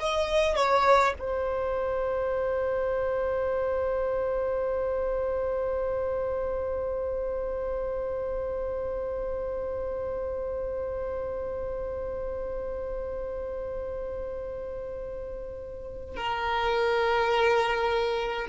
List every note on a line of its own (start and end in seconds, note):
0.00 0.56 D#5
0.56 1.14 C#5
1.20 16.16 C5
16.16 18.47 A#4